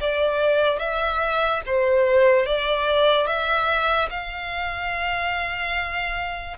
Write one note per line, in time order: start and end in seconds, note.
0.00 0.79 D5
0.79 1.61 E5
1.66 2.45 C5
2.45 3.26 D5
3.26 4.08 E5
4.10 6.56 F5